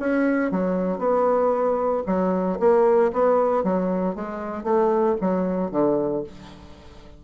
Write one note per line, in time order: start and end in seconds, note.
0.00 0.51 C#4
0.51 0.98 F#3
0.98 2.03 B3
2.07 2.59 F#3
2.60 3.12 A#3
3.13 3.64 B3
3.64 4.15 F#3
4.15 4.64 G#3
4.64 5.16 A3
5.21 5.72 F#3
5.72 6.24 D3